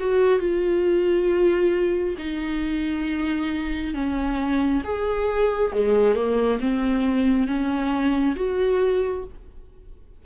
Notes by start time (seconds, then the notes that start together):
0.00 F#4
0.40 F4
2.18 D#4
3.94 C#4
4.84 G#4
5.72 G#3
6.15 A#3
6.61 C4
7.48 C#4
8.36 F#4